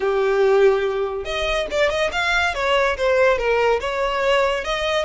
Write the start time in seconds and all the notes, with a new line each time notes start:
0.00 G4
1.24 D#5
1.71 D5
1.89 D#5
2.12 F5
2.54 C#5
2.97 C5
3.37 A#4
3.80 C#5
4.64 D#5